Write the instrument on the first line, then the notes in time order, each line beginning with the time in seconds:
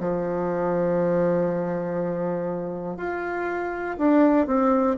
bassoon
0.00 F3
2.97 F4
3.98 D4
4.47 C4